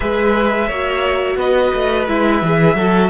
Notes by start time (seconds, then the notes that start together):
0.00 G#3 G#4 B4 E5
0.67 A#3 F#4 C#5
1.36 B3 B4 D#5
1.74 A3
2.08 G#3 E4 E5
2.42 E3 G#4
2.75 F#3 F#4 A4